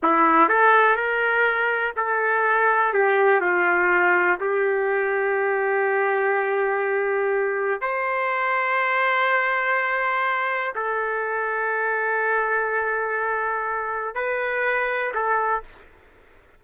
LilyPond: \new Staff \with { instrumentName = "trumpet" } { \time 4/4 \tempo 4 = 123 e'4 a'4 ais'2 | a'2 g'4 f'4~ | f'4 g'2.~ | g'1 |
c''1~ | c''2 a'2~ | a'1~ | a'4 b'2 a'4 | }